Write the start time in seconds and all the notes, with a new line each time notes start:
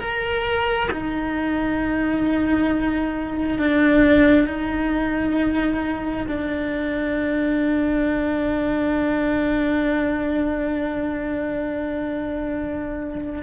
0.00 A#4
0.91 D#4
3.59 D4
4.47 D#4
6.28 D4